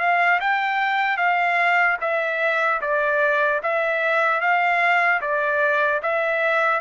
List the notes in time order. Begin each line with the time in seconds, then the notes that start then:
0.00 F5
0.41 G5
1.17 F5
2.01 E5
2.81 D5
3.63 E5
4.41 F5
5.21 D5
6.03 E5